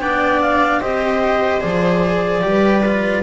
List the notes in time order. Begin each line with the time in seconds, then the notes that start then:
0.00 B3 D4 D5 G5
0.41 F5
0.81 C4 G4 C5 D#5
1.61 F3 G#4 D5
2.43 G3 G4 B4
2.86 F4